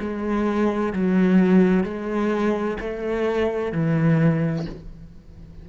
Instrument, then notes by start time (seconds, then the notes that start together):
cello
0.00 G#3
0.93 F#3
1.84 G#3
2.80 A3
3.72 E3